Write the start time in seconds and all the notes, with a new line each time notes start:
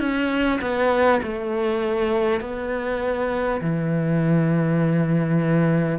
0.00 C#4
0.61 B3
1.23 A3
2.41 B3
3.62 E3